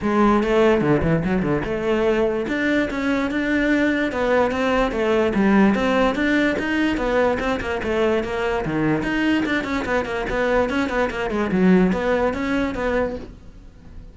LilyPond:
\new Staff \with { instrumentName = "cello" } { \time 4/4 \tempo 4 = 146 gis4 a4 d8 e8 fis8 d8 | a2 d'4 cis'4 | d'2 b4 c'4 | a4 g4 c'4 d'4 |
dis'4 b4 c'8 ais8 a4 | ais4 dis4 dis'4 d'8 cis'8 | b8 ais8 b4 cis'8 b8 ais8 gis8 | fis4 b4 cis'4 b4 | }